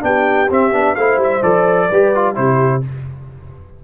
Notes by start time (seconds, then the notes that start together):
0.00 B3 D4 G4 G5
0.50 C4 E5
0.72 B3 D4
0.95 A3 E4 C5 F5
1.17 G3 E5
1.42 F3 A4 D5
1.88 G3 G4 B4
2.14 F4
2.34 C3 E4 G4 C5